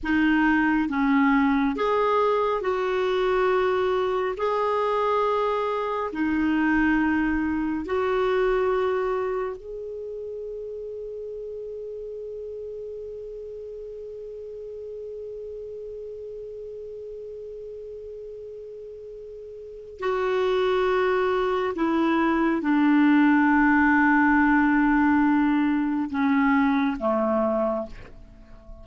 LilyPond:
\new Staff \with { instrumentName = "clarinet" } { \time 4/4 \tempo 4 = 69 dis'4 cis'4 gis'4 fis'4~ | fis'4 gis'2 dis'4~ | dis'4 fis'2 gis'4~ | gis'1~ |
gis'1~ | gis'2. fis'4~ | fis'4 e'4 d'2~ | d'2 cis'4 a4 | }